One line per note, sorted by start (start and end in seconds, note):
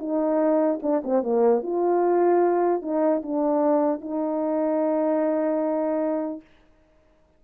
0.00 0.80 D#4
0.83 1.03 D4
1.05 1.23 C4
1.23 1.63 A#3
1.63 2.83 F4
2.83 3.23 D#4
3.23 4.01 D4
4.01 6.41 D#4